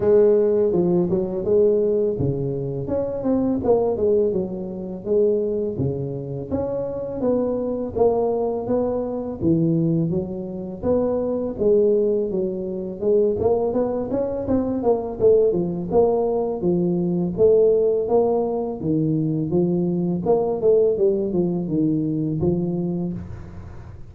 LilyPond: \new Staff \with { instrumentName = "tuba" } { \time 4/4 \tempo 4 = 83 gis4 f8 fis8 gis4 cis4 | cis'8 c'8 ais8 gis8 fis4 gis4 | cis4 cis'4 b4 ais4 | b4 e4 fis4 b4 |
gis4 fis4 gis8 ais8 b8 cis'8 | c'8 ais8 a8 f8 ais4 f4 | a4 ais4 dis4 f4 | ais8 a8 g8 f8 dis4 f4 | }